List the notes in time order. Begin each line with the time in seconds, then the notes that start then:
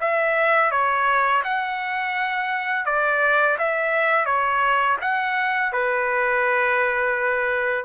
0.00 E5
0.71 C#5
1.44 F#5
2.85 D5
3.58 E5
4.25 C#5
5.01 F#5
5.72 B4